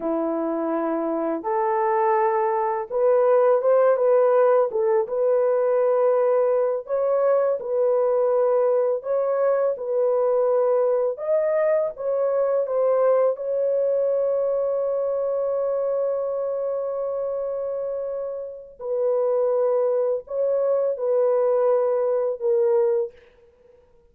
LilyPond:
\new Staff \with { instrumentName = "horn" } { \time 4/4 \tempo 4 = 83 e'2 a'2 | b'4 c''8 b'4 a'8 b'4~ | b'4. cis''4 b'4.~ | b'8 cis''4 b'2 dis''8~ |
dis''8 cis''4 c''4 cis''4.~ | cis''1~ | cis''2 b'2 | cis''4 b'2 ais'4 | }